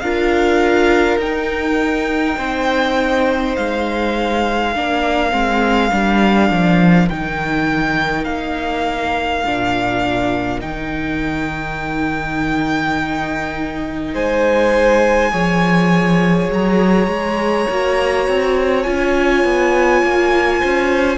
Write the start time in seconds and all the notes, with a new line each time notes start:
0.00 D4 F4 A#4 F5
1.17 D#4 G5
2.38 C4 C5
3.56 G#3 F5
4.72 A#3 D4 A#4
5.31 G#3 C4
5.91 G3 D4
6.50 F3
7.09 D#3 D#4 G5
8.25 A#3 F5
9.46 A#2 D4
10.60 D#3 D#4 G5
14.14 G#3 C5 G#5
15.31 F3 G#4 C#5
16.50 F#3 A#5
17.07 G#3
17.69 A#3 F#4
18.28 C4
18.83 C#4 F4 G#5
19.45 B3
20.03 A#3
20.60 C#4 C5